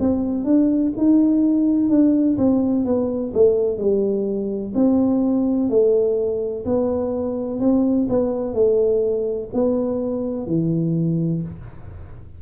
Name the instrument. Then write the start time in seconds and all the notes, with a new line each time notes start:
tuba
0.00 C4
0.45 D4
0.97 D#4
1.90 D4
2.37 C4
2.85 B3
3.34 A3
3.78 G3
4.75 C4
5.70 A3
6.65 B3
7.60 C4
8.09 B3
8.54 A3
9.54 B3
10.47 E3